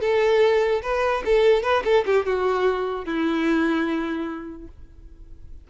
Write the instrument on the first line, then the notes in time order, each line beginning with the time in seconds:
violin
0.00 A4
0.82 B4
1.25 A4
1.63 B4
1.84 A4
2.05 G4
2.25 F#4
3.05 E4